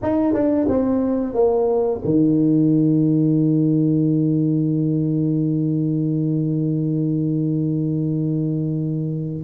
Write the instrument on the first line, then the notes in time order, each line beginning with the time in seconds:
tuba
0.02 D#4
0.33 D4
0.68 C4
1.33 A#3
2.04 D#3